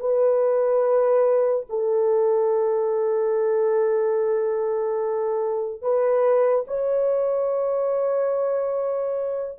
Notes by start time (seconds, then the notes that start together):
0.00 B4
1.70 A4
5.82 B4
6.67 C#5